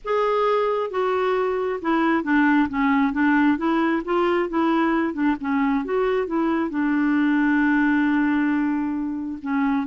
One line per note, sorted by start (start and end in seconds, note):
0.04 0.90 G#4
0.90 1.80 F#4
1.81 2.23 E4
2.23 2.68 D4
2.69 3.12 C#4
3.12 3.57 D4
3.57 4.02 E4
4.04 4.49 F4
4.49 5.13 E4
5.13 5.36 D4
5.40 5.85 C#4
5.85 6.26 F#4
6.26 6.70 E4
6.70 9.38 D4
9.42 9.86 C#4